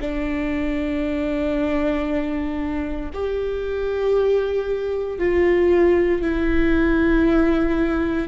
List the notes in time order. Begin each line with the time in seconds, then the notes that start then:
0.00 D4
3.14 G4
5.18 F4
6.22 E4